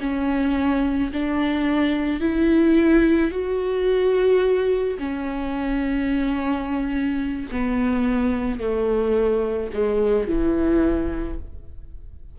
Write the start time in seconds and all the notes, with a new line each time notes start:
0.00 C#4
1.13 D4
2.20 E4
3.31 F#4
4.98 C#4
7.52 B3
8.60 A3
9.74 G#3
10.28 E3